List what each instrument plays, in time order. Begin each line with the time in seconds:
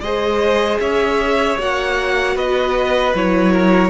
0.00 cello G#3, viola G#4, violin C5 D#5
0.79 cello C#4, violin C#5 E5
1.58 cello A#3, viola F#4, violin F#5
2.35 cello B3, violin B4 D#5
3.14 cello F#3, viola E4, violin C#5
3.52 violin A#4